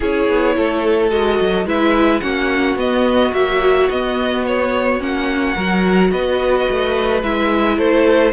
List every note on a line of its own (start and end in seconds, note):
0.00 0.28 C#4
0.00 1.10 E4
0.00 0.55 G#4
0.00 1.10 C#5
0.29 0.56 B3
0.56 1.12 A3
0.56 1.66 A4
1.10 1.39 G#3
1.10 1.66 F#4
1.10 1.66 D#5
1.41 1.65 F#3
1.65 2.20 G#3
1.65 2.21 E4
1.65 2.22 B4
1.65 2.20 E5
2.20 2.75 A#3
2.20 2.77 C#4
2.20 5.55 F#4
2.20 2.76 F#5
2.75 3.31 B3
2.75 3.33 B3
2.75 3.33 D#5
3.32 3.89 F#3
3.32 3.88 A#3
3.32 3.89 E5
3.89 5.00 B3
3.89 4.99 B3
3.89 4.45 D#5
4.46 5.02 C#5
4.99 5.56 A#3
4.99 5.55 C#4
4.99 6.11 F#5
5.55 6.12 F#3
5.55 7.22 F#4
5.55 6.10 A#4
6.11 6.67 B3
6.11 7.76 B4
6.11 7.22 D#5
6.70 7.22 A3
7.22 7.77 G#3
7.22 8.32 E4
7.22 7.78 E5
7.76 8.32 A3
7.76 8.32 A4
7.76 8.32 C5